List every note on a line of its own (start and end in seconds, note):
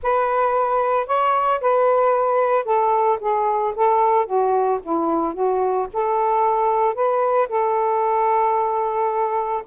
0.03 1.07 B4
1.07 1.60 C#5
1.60 2.64 B4
2.64 3.18 A4
3.20 3.74 G#4
3.75 4.26 A4
4.26 4.79 F#4
4.82 5.33 E4
5.33 5.87 F#4
5.93 6.94 A4
6.94 7.48 B4
7.49 9.63 A4